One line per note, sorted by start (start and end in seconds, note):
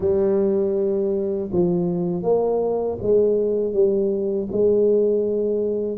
0.00 1.50 G3
1.51 2.23 F3
2.23 2.98 A#3
3.02 3.73 G#3
3.73 4.48 G3
4.52 5.97 G#3